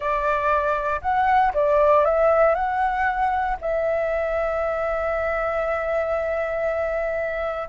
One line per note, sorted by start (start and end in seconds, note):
0.00 1.00 D5
1.01 1.52 F#5
1.53 2.04 D5
2.04 2.54 E5
2.54 3.57 F#5
3.61 7.68 E5